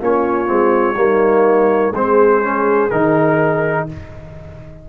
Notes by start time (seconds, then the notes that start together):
0.00 A#3 C#4 F4 C#5
0.46 G#3 C4
0.95 G3 A#3 D#4
1.94 G#3 C4 G#4 C5
2.42 C#4
2.90 D#3 D#4 A#4